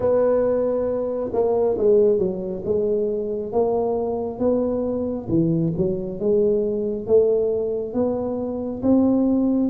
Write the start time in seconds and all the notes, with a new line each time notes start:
0.00 B3
1.32 A#3
1.78 G#3
2.18 F#3
2.64 G#3
3.52 A#3
4.39 B3
5.28 E3
5.77 F#3
6.19 G#3
7.06 A3
7.93 B3
8.82 C4